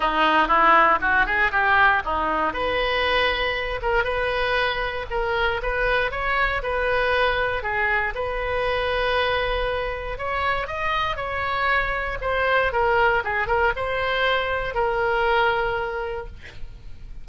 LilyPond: \new Staff \with { instrumentName = "oboe" } { \time 4/4 \tempo 4 = 118 dis'4 e'4 fis'8 gis'8 g'4 | dis'4 b'2~ b'8 ais'8 | b'2 ais'4 b'4 | cis''4 b'2 gis'4 |
b'1 | cis''4 dis''4 cis''2 | c''4 ais'4 gis'8 ais'8 c''4~ | c''4 ais'2. | }